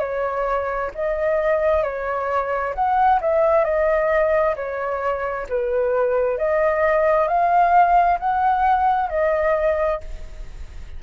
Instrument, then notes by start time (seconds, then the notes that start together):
flute
0.00 C#5
0.95 D#5
1.83 C#5
2.75 F#5
3.21 E5
3.64 D#5
4.56 C#5
5.49 B4
6.38 D#5
7.28 F5
8.20 F#5
9.10 D#5